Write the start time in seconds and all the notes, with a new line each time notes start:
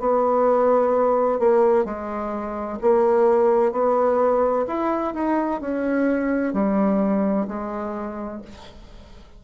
0.00 B3
1.40 A#3
1.85 G#3
2.82 A#3
3.72 B3
4.67 E4
5.14 D#4
5.62 C#4
6.54 G3
7.48 G#3